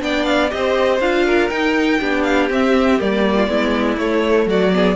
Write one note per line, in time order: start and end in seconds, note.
0.00 0.51 B3
0.00 0.49 D4
0.00 0.53 D5
0.00 0.25 G5
0.25 0.50 F5
0.49 1.00 C4
0.49 0.99 G4
0.49 1.26 C5
0.49 1.00 D#5
1.00 1.49 D4
1.00 1.50 F4
1.00 1.49 F5
1.26 2.00 A#4
1.49 2.00 D#4
1.49 2.01 D#4
1.49 2.23 G5
2.00 2.50 B3
2.00 2.50 D4
2.00 3.36 G4
2.23 2.48 F5
2.50 2.99 C4
2.50 3.01 E5
2.99 3.48 G3
2.99 3.47 A#3
2.99 3.98 D5
3.36 3.48 F4
3.47 3.97 G#3
3.47 3.97 B3
3.47 4.48 E4
3.98 4.46 A3
3.98 4.72 A3
3.98 4.48 C#5
4.46 4.96 F#3
4.46 4.74 F#4
4.46 4.96 D5
4.73 4.96 B3
4.73 4.96 G#4